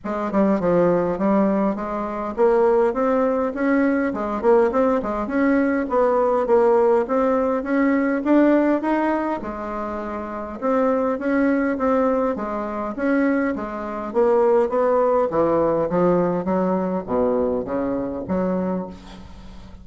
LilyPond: \new Staff \with { instrumentName = "bassoon" } { \time 4/4 \tempo 4 = 102 gis8 g8 f4 g4 gis4 | ais4 c'4 cis'4 gis8 ais8 | c'8 gis8 cis'4 b4 ais4 | c'4 cis'4 d'4 dis'4 |
gis2 c'4 cis'4 | c'4 gis4 cis'4 gis4 | ais4 b4 e4 f4 | fis4 b,4 cis4 fis4 | }